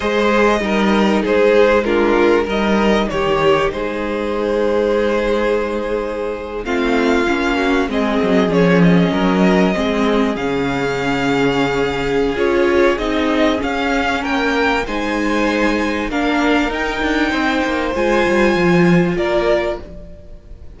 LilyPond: <<
  \new Staff \with { instrumentName = "violin" } { \time 4/4 \tempo 4 = 97 dis''2 c''4 ais'4 | dis''4 cis''4 c''2~ | c''2~ c''8. f''4~ f''16~ | f''8. dis''4 cis''8 dis''4.~ dis''16~ |
dis''8. f''2.~ f''16 | cis''4 dis''4 f''4 g''4 | gis''2 f''4 g''4~ | g''4 gis''2 d''4 | }
  \new Staff \with { instrumentName = "violin" } { \time 4/4 c''4 ais'4 gis'4 f'4 | ais'4 g'4 gis'2~ | gis'2~ gis'8. f'4~ f'16~ | f'16 fis'8 gis'2 ais'4 gis'16~ |
gis'1~ | gis'2. ais'4 | c''2 ais'2 | c''2. ais'4 | }
  \new Staff \with { instrumentName = "viola" } { \time 4/4 gis'4 dis'2 d'4 | dis'1~ | dis'2~ dis'8. c'4 cis'16~ | cis'8. c'4 cis'2 c'16~ |
c'8. cis'2.~ cis'16 | f'4 dis'4 cis'2 | dis'2 d'4 dis'4~ | dis'4 f'2. | }
  \new Staff \with { instrumentName = "cello" } { \time 4/4 gis4 g4 gis2 | g4 dis4 gis2~ | gis2~ gis8. a4 ais16~ | ais8. gis8 fis8 f4 fis4 gis16~ |
gis8. cis2.~ cis16 | cis'4 c'4 cis'4 ais4 | gis2 ais4 dis'8 d'8 | c'8 ais8 gis8 g8 f4 ais4 | }
>>